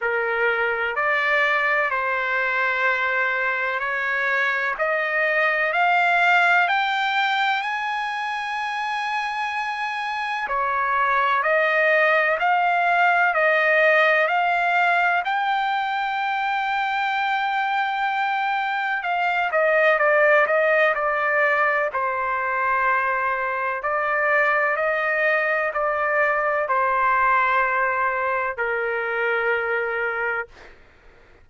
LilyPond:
\new Staff \with { instrumentName = "trumpet" } { \time 4/4 \tempo 4 = 63 ais'4 d''4 c''2 | cis''4 dis''4 f''4 g''4 | gis''2. cis''4 | dis''4 f''4 dis''4 f''4 |
g''1 | f''8 dis''8 d''8 dis''8 d''4 c''4~ | c''4 d''4 dis''4 d''4 | c''2 ais'2 | }